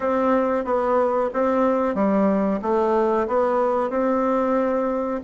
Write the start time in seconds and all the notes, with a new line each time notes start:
0.00 C4
0.65 B3
1.33 C4
1.94 G3
2.62 A3
3.27 B3
3.90 C4